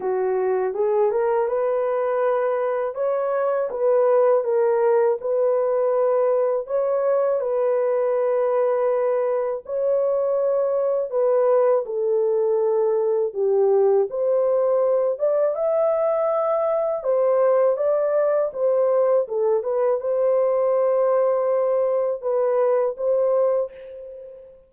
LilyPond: \new Staff \with { instrumentName = "horn" } { \time 4/4 \tempo 4 = 81 fis'4 gis'8 ais'8 b'2 | cis''4 b'4 ais'4 b'4~ | b'4 cis''4 b'2~ | b'4 cis''2 b'4 |
a'2 g'4 c''4~ | c''8 d''8 e''2 c''4 | d''4 c''4 a'8 b'8 c''4~ | c''2 b'4 c''4 | }